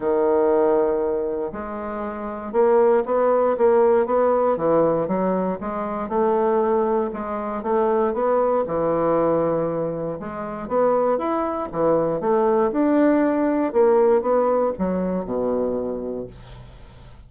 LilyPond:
\new Staff \with { instrumentName = "bassoon" } { \time 4/4 \tempo 4 = 118 dis2. gis4~ | gis4 ais4 b4 ais4 | b4 e4 fis4 gis4 | a2 gis4 a4 |
b4 e2. | gis4 b4 e'4 e4 | a4 d'2 ais4 | b4 fis4 b,2 | }